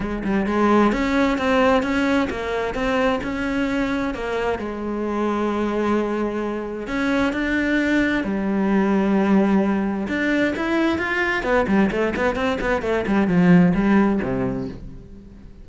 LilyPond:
\new Staff \with { instrumentName = "cello" } { \time 4/4 \tempo 4 = 131 gis8 g8 gis4 cis'4 c'4 | cis'4 ais4 c'4 cis'4~ | cis'4 ais4 gis2~ | gis2. cis'4 |
d'2 g2~ | g2 d'4 e'4 | f'4 b8 g8 a8 b8 c'8 b8 | a8 g8 f4 g4 c4 | }